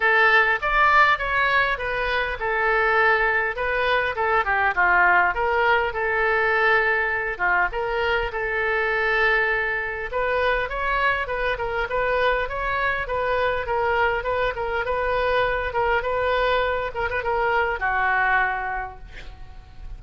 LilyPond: \new Staff \with { instrumentName = "oboe" } { \time 4/4 \tempo 4 = 101 a'4 d''4 cis''4 b'4 | a'2 b'4 a'8 g'8 | f'4 ais'4 a'2~ | a'8 f'8 ais'4 a'2~ |
a'4 b'4 cis''4 b'8 ais'8 | b'4 cis''4 b'4 ais'4 | b'8 ais'8 b'4. ais'8 b'4~ | b'8 ais'16 b'16 ais'4 fis'2 | }